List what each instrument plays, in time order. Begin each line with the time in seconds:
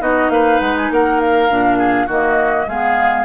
0.00 bassoon B3, clarinet D#4, oboe F#4, flute D#5
0.30 bassoon A#3, oboe B4, flute F5
0.60 bassoon G#3, flute F#5
0.77 flute G#5
0.91 bassoon A#3, oboe A#4, flute F#5
1.20 flute F5
1.49 bassoon A#2, clarinet D4
1.78 oboe G#4
2.07 bassoon D#3, clarinet A#3, oboe F#4, flute D#5
2.67 bassoon G#3, clarinet B3, oboe G#4, flute F5